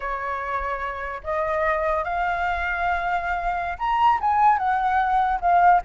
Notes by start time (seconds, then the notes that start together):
0.00 C#5
1.23 D#5
2.04 F5
3.78 A#5
4.20 G#5
4.58 F#5
5.40 F5